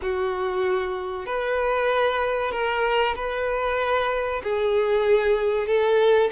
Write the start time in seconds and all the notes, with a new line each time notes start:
0.01 F#4
1.26 B4
2.51 A#4
3.15 B4
4.43 G#4
5.67 A4